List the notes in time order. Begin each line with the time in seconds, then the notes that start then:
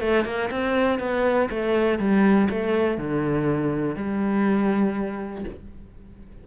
0.00 A3
0.24 A#3
0.50 C4
0.99 B3
1.49 A3
1.98 G3
2.50 A3
2.97 D3
3.95 G3